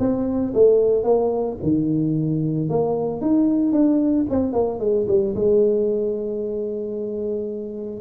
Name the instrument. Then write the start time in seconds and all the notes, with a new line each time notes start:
tuba
0.00 C4
0.54 A3
1.04 A#3
1.63 D#3
2.70 A#3
3.21 D#4
3.73 D4
4.30 C4
4.53 A#3
4.80 G#3
5.08 G3
5.35 G#3